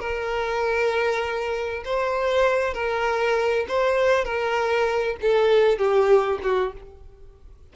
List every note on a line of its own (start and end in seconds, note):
0.00 1.84 A#4
1.85 2.74 C5
2.74 3.66 A#4
3.68 4.25 C5
4.25 5.17 A#4
5.22 5.78 A4
5.78 6.40 G4
6.43 6.73 F#4